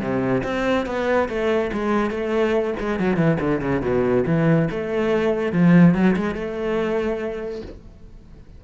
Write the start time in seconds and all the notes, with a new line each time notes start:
0.00 C3
0.44 C4
0.86 B3
1.28 A3
1.73 G#3
2.10 A3
2.79 G#3
2.99 F#3
3.16 E3
3.40 D3
3.61 C#3
3.81 B2
4.26 E3
4.71 A3
5.52 F3
5.94 F#3
6.16 G#3
6.34 A3